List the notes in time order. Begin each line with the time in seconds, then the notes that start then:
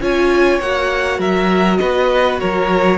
0.00 C#4 F4 C#5 G#5
0.59 A#3 F#4 F#5
1.18 F#3 A#4 E5
1.77 B3 B4 D#5
2.40 F#3 A#4 C#5